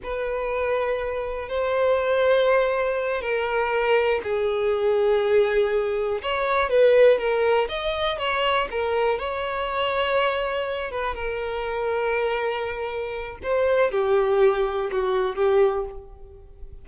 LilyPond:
\new Staff \with { instrumentName = "violin" } { \time 4/4 \tempo 4 = 121 b'2. c''4~ | c''2~ c''8 ais'4.~ | ais'8 gis'2.~ gis'8~ | gis'8 cis''4 b'4 ais'4 dis''8~ |
dis''8 cis''4 ais'4 cis''4.~ | cis''2 b'8 ais'4.~ | ais'2. c''4 | g'2 fis'4 g'4 | }